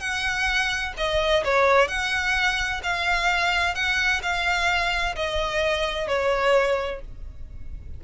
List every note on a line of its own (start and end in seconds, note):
0.00 0.93 F#5
0.97 1.44 D#5
1.44 1.88 C#5
1.88 2.81 F#5
2.83 3.74 F5
3.74 4.21 F#5
4.22 5.15 F5
5.15 6.08 D#5
6.08 7.01 C#5